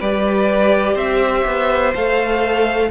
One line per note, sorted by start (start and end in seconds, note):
0.00 0.96 G3
0.00 1.94 G4
0.00 0.94 B4
0.00 0.98 D5
0.94 1.44 C4
0.94 2.88 C5
0.94 1.95 E5
1.45 1.94 B3
1.95 2.91 A3
1.95 2.91 A4
1.95 2.91 F5